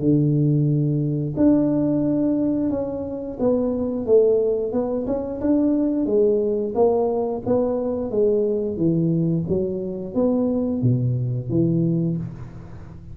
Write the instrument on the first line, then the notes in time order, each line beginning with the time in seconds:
tuba
0.00 D3
1.37 D4
2.70 C#4
3.40 B3
4.06 A3
4.73 B3
5.07 C#4
5.41 D4
6.06 G#3
6.75 A#3
7.46 B3
8.11 G#3
8.77 E3
9.48 F#3
10.15 B3
10.82 B2
11.50 E3